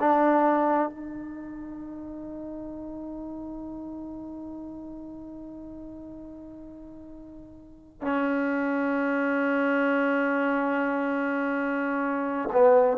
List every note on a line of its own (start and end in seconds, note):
0.00 0.89 D4
0.89 8.01 D#4
8.01 12.49 C#4
12.53 12.97 B3